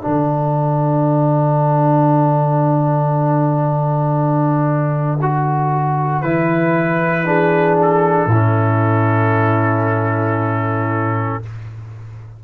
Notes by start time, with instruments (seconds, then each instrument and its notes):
0.00 tuba D3, trombone D4, horn A4, trumpet F#5
5.22 trombone F#4
6.21 tuba E3, trombone E4, trumpet B4
7.25 trombone D4, horn G#4
7.82 trumpet A4
8.26 tuba A2, horn E4
8.32 trombone C#4